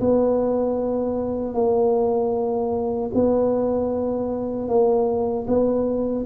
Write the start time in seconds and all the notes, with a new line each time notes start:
0.00 B3
1.54 A#3
3.14 B3
4.68 A#3
5.47 B3